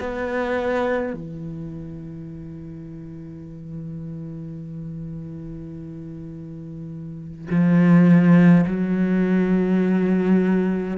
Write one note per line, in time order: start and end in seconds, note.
0.00 1.13 B3
1.13 7.48 E3
7.51 8.66 F3
8.67 10.98 F#3